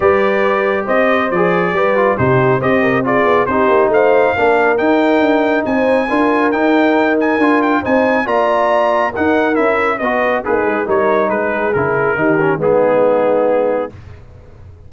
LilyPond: <<
  \new Staff \with { instrumentName = "trumpet" } { \time 4/4 \tempo 4 = 138 d''2 dis''4 d''4~ | d''4 c''4 dis''4 d''4 | c''4 f''2 g''4~ | g''4 gis''2 g''4~ |
g''8 gis''4 g''8 gis''4 ais''4~ | ais''4 fis''4 e''4 dis''4 | b'4 cis''4 b'4 ais'4~ | ais'4 gis'2. | }
  \new Staff \with { instrumentName = "horn" } { \time 4/4 b'2 c''2 | b'4 g'4 c''8 ais'8 gis'4 | g'4 c''4 ais'2~ | ais'4 c''4 ais'2~ |
ais'2 c''4 d''4~ | d''4 ais'2 b'4 | dis'4 ais'4 gis'2 | g'4 dis'2. | }
  \new Staff \with { instrumentName = "trombone" } { \time 4/4 g'2. gis'4 | g'8 f'8 dis'4 g'4 f'4 | dis'2 d'4 dis'4~ | dis'2 f'4 dis'4~ |
dis'4 f'4 dis'4 f'4~ | f'4 dis'4 e'4 fis'4 | gis'4 dis'2 e'4 | dis'8 cis'8 b2. | }
  \new Staff \with { instrumentName = "tuba" } { \time 4/4 g2 c'4 f4 | g4 c4 c'4. b8 | c'8 ais8 a4 ais4 dis'4 | d'4 c'4 d'4 dis'4~ |
dis'4 d'4 c'4 ais4~ | ais4 dis'4 cis'4 b4 | ais8 gis8 g4 gis4 cis4 | dis4 gis2. | }
>>